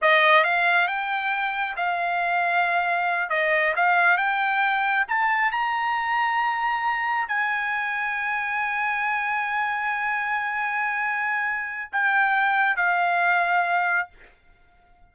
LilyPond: \new Staff \with { instrumentName = "trumpet" } { \time 4/4 \tempo 4 = 136 dis''4 f''4 g''2 | f''2.~ f''8 dis''8~ | dis''8 f''4 g''2 a''8~ | a''8 ais''2.~ ais''8~ |
ais''8 gis''2.~ gis''8~ | gis''1~ | gis''2. g''4~ | g''4 f''2. | }